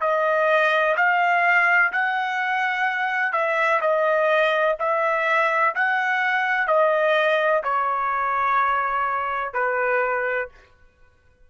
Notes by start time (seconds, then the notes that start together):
0.00 D#5
0.97 F5
1.92 F#5
3.32 E5
3.81 D#5
4.79 E5
5.75 F#5
6.68 D#5
7.63 C#5
9.53 B4